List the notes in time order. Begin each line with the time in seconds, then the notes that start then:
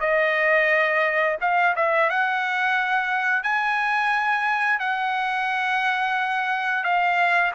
0.00 D#5
1.41 F5
1.75 E5
2.10 F#5
3.43 G#5
4.79 F#5
6.83 F5